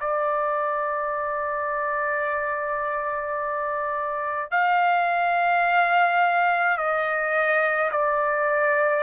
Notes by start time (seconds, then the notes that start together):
0.00 D5
4.51 F5
6.77 D#5
7.91 D5